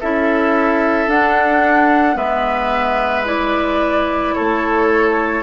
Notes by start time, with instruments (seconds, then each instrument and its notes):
0.00 bassoon C#4, clarinet E4, oboe A4, flute E5
1.07 bassoon D4, clarinet D4, flute F#5
2.15 bassoon G#3, clarinet B3, oboe B4, flute E5
3.25 clarinet E4, flute D5
4.34 bassoon A3, oboe A4, flute C#5